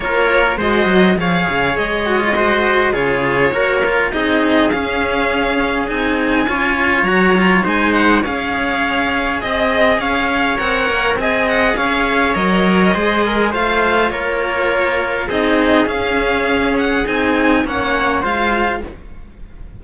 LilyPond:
<<
  \new Staff \with { instrumentName = "violin" } { \time 4/4 \tempo 4 = 102 cis''4 dis''4 f''4 dis''4~ | dis''4 cis''2 dis''4 | f''2 gis''2 | ais''4 gis''8 fis''8 f''2 |
dis''4 f''4 fis''4 gis''8 fis''8 | f''4 dis''2 f''4 | cis''2 dis''4 f''4~ | f''8 fis''8 gis''4 fis''4 f''4 | }
  \new Staff \with { instrumentName = "trumpet" } { \time 4/4 ais'4 c''4 cis''2 | c''4 gis'4 ais'4 gis'4~ | gis'2. cis''4~ | cis''4 c''4 cis''2 |
dis''4 cis''2 dis''4 | cis''2 c''8 ais'8 c''4 | ais'2 gis'2~ | gis'2 cis''4 c''4 | }
  \new Staff \with { instrumentName = "cello" } { \time 4/4 f'4 fis'4 gis'4. fis'16 f'16 | fis'4 f'4 fis'8 f'8 dis'4 | cis'2 dis'4 f'4 | fis'8 f'8 dis'4 gis'2~ |
gis'2 ais'4 gis'4~ | gis'4 ais'4 gis'4 f'4~ | f'2 dis'4 cis'4~ | cis'4 dis'4 cis'4 f'4 | }
  \new Staff \with { instrumentName = "cello" } { \time 4/4 ais4 gis8 fis8 f8 cis8 gis4~ | gis4 cis4 ais4 c'4 | cis'2 c'4 cis'4 | fis4 gis4 cis'2 |
c'4 cis'4 c'8 ais8 c'4 | cis'4 fis4 gis4 a4 | ais2 c'4 cis'4~ | cis'4 c'4 ais4 gis4 | }
>>